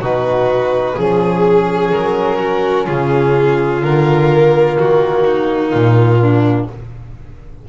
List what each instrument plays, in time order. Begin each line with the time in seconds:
0.00 double bass B2, trombone D#4, violin F#4 B4
0.95 double bass F3, trombone C#4, violin G#4
1.92 double bass F#3, violin A#4
2.38 violin F#4
2.86 double bass C#3, violin F4 G#4
3.82 double bass D3, trombone A#3, violin A#4
4.78 double bass D#3, violin F#4
5.25 violin D#4
5.70 double bass A#2, violin F4
6.21 violin D4